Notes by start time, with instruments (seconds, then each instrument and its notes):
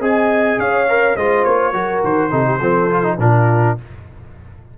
0.00 tuba C4, trombone G#4, horn D#5, trumpet G#5
0.58 tuba C#4, horn C#5, trumpet F5
0.89 trombone A#4
1.16 tuba G#3, trombone F4, horn C5, trumpet D#5
1.45 tuba A#3, trumpet C#5
1.73 tuba F#3, trombone F#4, horn A#4
2.04 tuba D#3, trumpet C5
2.31 tuba C3, trombone D#4, horn A4
2.46 horn G4
2.59 tuba F3, trombone C4, horn A4
2.91 trombone F4
3.03 trombone D#4
3.19 tuba A#2, trombone D4, horn F4, trumpet A#4